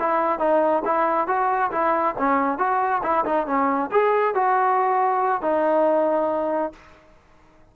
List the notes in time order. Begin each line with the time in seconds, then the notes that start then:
0.00 E4
0.40 D#4
0.85 E4
1.28 F#4
1.72 E4
2.19 C#4
2.59 F#4
3.03 E4
3.26 D#4
3.47 C#4
3.92 G#4
4.35 F#4
5.42 D#4